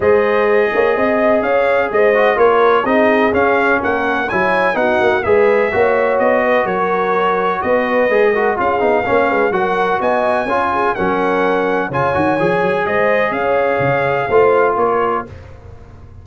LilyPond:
<<
  \new Staff \with { instrumentName = "trumpet" } { \time 4/4 \tempo 4 = 126 dis''2. f''4 | dis''4 cis''4 dis''4 f''4 | fis''4 gis''4 fis''4 e''4~ | e''4 dis''4 cis''2 |
dis''2 f''2 | fis''4 gis''2 fis''4~ | fis''4 gis''2 dis''4 | f''2. cis''4 | }
  \new Staff \with { instrumentName = "horn" } { \time 4/4 c''4. cis''8 dis''4 cis''4 | c''4 ais'4 gis'2 | ais'4 cis''4 fis'4 b'4 | cis''4. b'8 ais'2 |
b'4. ais'8 gis'4 cis''8 b'8 | ais'4 dis''4 cis''8 gis'8 ais'4~ | ais'4 cis''2 c''4 | cis''2 c''4 ais'4 | }
  \new Staff \with { instrumentName = "trombone" } { \time 4/4 gis'1~ | gis'8 fis'8 f'4 dis'4 cis'4~ | cis'4 e'4 dis'4 gis'4 | fis'1~ |
fis'4 gis'8 fis'8 f'8 dis'8 cis'4 | fis'2 f'4 cis'4~ | cis'4 f'8 fis'8 gis'2~ | gis'2 f'2 | }
  \new Staff \with { instrumentName = "tuba" } { \time 4/4 gis4. ais8 c'4 cis'4 | gis4 ais4 c'4 cis'4 | ais4 fis4 b8 ais8 gis4 | ais4 b4 fis2 |
b4 gis4 cis'8 b8 ais8 gis8 | fis4 b4 cis'4 fis4~ | fis4 cis8 dis8 f8 fis8 gis4 | cis'4 cis4 a4 ais4 | }
>>